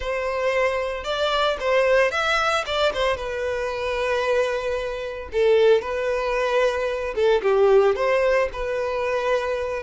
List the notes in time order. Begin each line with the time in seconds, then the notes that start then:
0.00 C5
1.04 D5
1.60 C5
2.11 E5
2.65 D5
2.93 C5
3.16 B4
5.32 A4
5.81 B4
7.15 A4
7.42 G4
7.95 C5
8.52 B4